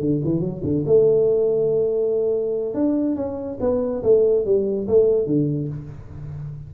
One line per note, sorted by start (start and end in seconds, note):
0.00 0.21 D3
0.24 0.40 E3
0.40 0.61 F#3
0.63 0.84 D3
0.86 2.74 A3
2.74 3.16 D4
3.16 3.58 C#4
3.60 4.02 B3
4.03 4.45 A3
4.45 4.87 G3
4.88 5.26 A3
5.26 5.68 D3